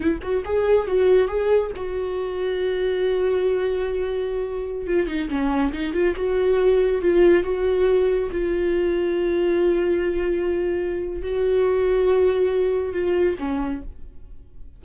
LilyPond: \new Staff \with { instrumentName = "viola" } { \time 4/4 \tempo 4 = 139 e'8 fis'8 gis'4 fis'4 gis'4 | fis'1~ | fis'2.~ fis'16 f'8 dis'16~ | dis'16 cis'4 dis'8 f'8 fis'4.~ fis'16~ |
fis'16 f'4 fis'2 f'8.~ | f'1~ | f'2 fis'2~ | fis'2 f'4 cis'4 | }